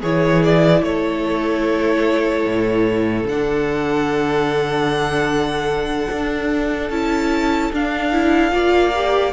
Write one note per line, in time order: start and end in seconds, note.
0.00 0.83 E3
0.00 3.29 E4
0.00 0.81 G#4
0.00 0.43 C#5
0.43 0.84 D5
0.83 2.45 A3
0.83 8.55 A4
0.83 3.27 C#5
2.46 3.24 A2
3.24 6.08 D3
3.24 6.92 D4
3.24 6.91 F#5
6.12 6.90 D4
6.90 7.71 C#4
6.90 7.73 E4
6.90 7.72 A5
7.73 8.52 D4
7.73 8.13 D4
7.73 9.33 F5
8.13 8.52 E4
8.52 9.33 A#3
8.52 8.92 F4
8.52 9.33 D5
8.96 9.33 G4